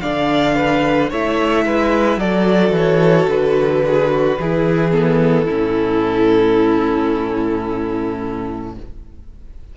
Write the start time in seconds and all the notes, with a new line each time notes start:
0.00 D3 D4 D5 F5
0.55 B4
1.09 A3 E4 C#5 E5
1.65 G#3 B4
2.16 F#3 F#4 A4 D5
2.70 E3 C#5
3.27 D3 B4
3.86 G#4
4.11 F#4
4.38 E3 E4 G#4
4.91 B3 A4
5.44 A2 C#4 E4